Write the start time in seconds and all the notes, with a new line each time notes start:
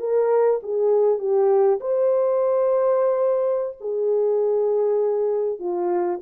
0.00 A#4
0.63 G#4
1.19 G4
1.81 C5
3.81 G#4
5.60 F4